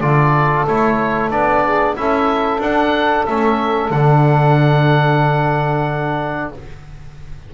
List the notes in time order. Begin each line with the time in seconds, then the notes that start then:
0.00 D3 F4 A4 D5
0.67 A3 E4 C#5
1.30 B3 D4 D5
1.65 G#4
1.96 C#4 E4 A4 E5
2.58 D4 F#5
3.26 A3 C#4 E5
3.90 D3 D4 F#5